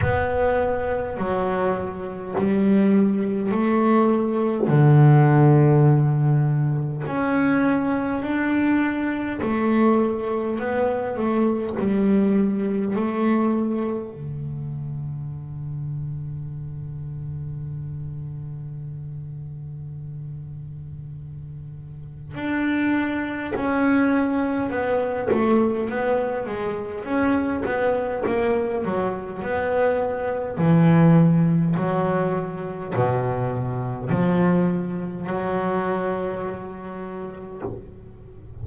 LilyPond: \new Staff \with { instrumentName = "double bass" } { \time 4/4 \tempo 4 = 51 b4 fis4 g4 a4 | d2 cis'4 d'4 | a4 b8 a8 g4 a4 | d1~ |
d2. d'4 | cis'4 b8 a8 b8 gis8 cis'8 b8 | ais8 fis8 b4 e4 fis4 | b,4 f4 fis2 | }